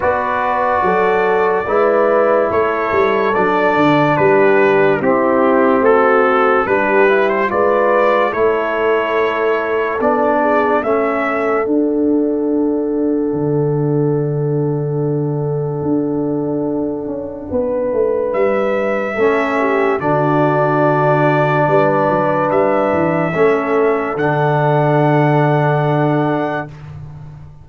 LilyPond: <<
  \new Staff \with { instrumentName = "trumpet" } { \time 4/4 \tempo 4 = 72 d''2. cis''4 | d''4 b'4 g'4 a'4 | b'8. c''16 d''4 cis''2 | d''4 e''4 fis''2~ |
fis''1~ | fis''2 e''2 | d''2. e''4~ | e''4 fis''2. | }
  \new Staff \with { instrumentName = "horn" } { \time 4/4 b'4 a'4 b'4 a'4~ | a'4 g'4 e'4 fis'4 | g'4 b'4 a'2~ | a'8 gis'8 a'2.~ |
a'1~ | a'4 b'2 a'8 g'8 | fis'2 b'2 | a'1 | }
  \new Staff \with { instrumentName = "trombone" } { \time 4/4 fis'2 e'2 | d'2 c'2 | d'8 e'8 f'4 e'2 | d'4 cis'4 d'2~ |
d'1~ | d'2. cis'4 | d'1 | cis'4 d'2. | }
  \new Staff \with { instrumentName = "tuba" } { \time 4/4 b4 fis4 gis4 a8 g8 | fis8 d8 g4 c'4 a4 | g4 gis4 a2 | b4 a4 d'2 |
d2. d'4~ | d'8 cis'8 b8 a8 g4 a4 | d2 g8 fis8 g8 e8 | a4 d2. | }
>>